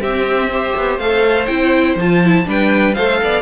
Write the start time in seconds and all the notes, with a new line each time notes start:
0.00 C4 G4 E5
0.50 G4 C5
0.76 B3
0.98 A3 A4 F5
1.46 C4 E4 G5
1.95 F3 F4 A5
2.24 E4
2.45 G3 D4 B4 G5
2.93 A3 A4 C5 F5
3.23 B3 D5